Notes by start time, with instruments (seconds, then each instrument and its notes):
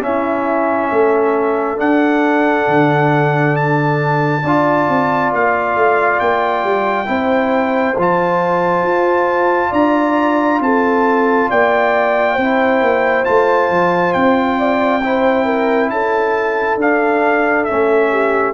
0.00 trombone C#4, tuba C#4, horn E4, trumpet E5
0.91 tuba A3, horn A4
1.76 trombone D4, tuba D4, trumpet F#5
2.67 tuba D3
3.56 trumpet A5
4.42 tuba D4, trombone F4, horn D5
4.89 tuba C4
5.32 tuba A#3, trumpet F5
5.75 tuba A3
6.19 tuba A#3, trumpet G5
6.63 tuba G3
7.05 tuba C4, trombone E4, horn C5
7.97 tuba F3, trombone F4, trumpet A5
8.82 tuba F4
9.70 tuba D4, horn D5, trumpet A#5
10.60 tuba C4, horn A4, trumpet A5
11.50 tuba A#3, horn D5, trumpet G5
12.33 tuba C4, trombone E4, horn C5
12.81 tuba A#3
13.24 tuba A3, trombone F4, trumpet A5
13.69 tuba F3
14.13 tuba C4, trumpet G5
14.58 horn D5
15.02 trombone E4, horn C5
15.45 horn A#4
15.89 tuba C#4, horn A4, trumpet A5
16.76 tuba D4, trombone D4, trumpet F5
17.64 trombone C#4, trumpet E5
17.72 tuba A3
18.11 horn G4